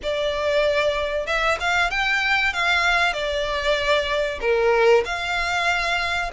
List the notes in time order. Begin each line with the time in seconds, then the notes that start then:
0.03 D5
1.26 E5
1.60 F5
1.90 G5
2.53 F5
3.13 D5
4.40 A#4
5.05 F5